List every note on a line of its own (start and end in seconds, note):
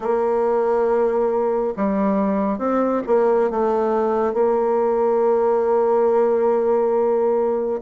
0.00 1.74 A#3
1.76 2.58 G3
2.58 3.02 C4
3.07 3.50 A#3
3.50 4.33 A3
4.33 7.81 A#3